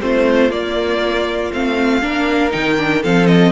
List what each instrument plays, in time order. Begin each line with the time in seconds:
0.00 cello A3, viola C4, violin F4 C5
0.50 viola A#3, cello A#3, violin D5
1.53 cello A3, viola C4, violin F5
2.02 cello A#3, viola D4, violin A#4
2.51 cello D#3, viola D#4, violin G5
2.77 viola D4
3.02 cello F3, viola C4, violin A4 F5
3.27 violin D#5